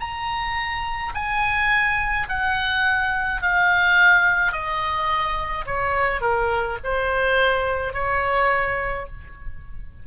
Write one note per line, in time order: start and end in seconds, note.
0.00 1.13 A#5
1.14 2.27 G#5
2.28 3.41 F#5
3.41 4.52 F5
4.52 5.65 D#5
5.66 6.21 C#5
6.21 6.77 A#4
6.83 7.93 C5
7.93 9.06 C#5